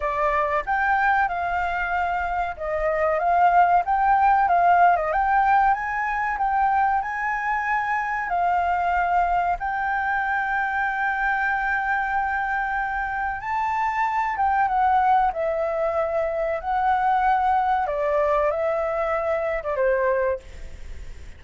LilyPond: \new Staff \with { instrumentName = "flute" } { \time 4/4 \tempo 4 = 94 d''4 g''4 f''2 | dis''4 f''4 g''4 f''8. dis''16 | g''4 gis''4 g''4 gis''4~ | gis''4 f''2 g''4~ |
g''1~ | g''4 a''4. g''8 fis''4 | e''2 fis''2 | d''4 e''4.~ e''16 d''16 c''4 | }